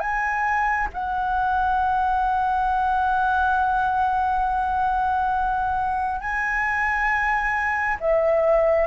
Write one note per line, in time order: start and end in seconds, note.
0.00 0.88 G#5
0.94 6.21 F#5
6.21 7.97 G#5
8.01 8.88 E5